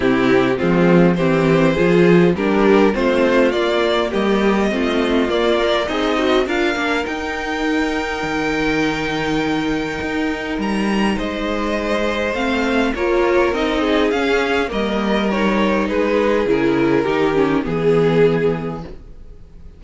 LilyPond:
<<
  \new Staff \with { instrumentName = "violin" } { \time 4/4 \tempo 4 = 102 g'4 f'4 c''2 | ais'4 c''4 d''4 dis''4~ | dis''4 d''4 dis''4 f''4 | g''1~ |
g''2 ais''4 dis''4~ | dis''4 f''4 cis''4 dis''4 | f''4 dis''4 cis''4 b'4 | ais'2 gis'2 | }
  \new Staff \with { instrumentName = "violin" } { \time 4/4 e'4 c'4 g'4 gis'4 | g'4 f'2 g'4 | f'2 dis'4 ais'4~ | ais'1~ |
ais'2. c''4~ | c''2 ais'4. gis'8~ | gis'4 ais'2 gis'4~ | gis'4 g'4 gis'2 | }
  \new Staff \with { instrumentName = "viola" } { \time 4/4 c'4 gis4 c'4 f'4 | d'4 c'4 ais2 | c'4 ais8 ais'8 gis'8 fis'8 f'8 d'8 | dis'1~ |
dis'1~ | dis'4 c'4 f'4 dis'4 | cis'4 ais4 dis'2 | e'4 dis'8 cis'8 b2 | }
  \new Staff \with { instrumentName = "cello" } { \time 4/4 c4 f4 e4 f4 | g4 a4 ais4 g4 | a4 ais4 c'4 d'8 ais8 | dis'2 dis2~ |
dis4 dis'4 g4 gis4~ | gis4 a4 ais4 c'4 | cis'4 g2 gis4 | cis4 dis4 e2 | }
>>